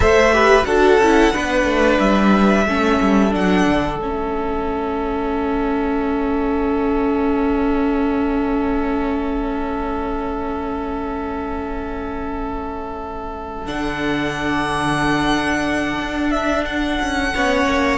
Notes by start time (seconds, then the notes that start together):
0.00 A3 A4 C5 E5
0.32 G4 B4
0.64 D4 F#4 A4 F#5
0.97 C#4 E4
1.33 B3 D4 B4
1.65 A3
1.99 G3 E5
2.65 A3 C#4 A4
3.01 G3
3.30 F#3 D4 F#5
3.66 D3
3.98 A3 C#4 E5
13.66 D3 D4 F#5
15.99 D4
16.31 E5
16.65 F#5
17.00 C#4
17.34 B3 C#4 C#5
17.65 A#3